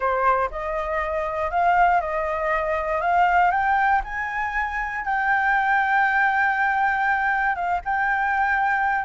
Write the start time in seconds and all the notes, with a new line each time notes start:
0.00 C5
0.50 D#5
1.50 F5
2.00 D#5
3.01 F5
3.51 G5
4.03 G#5
5.04 G5
7.55 F5
7.84 G5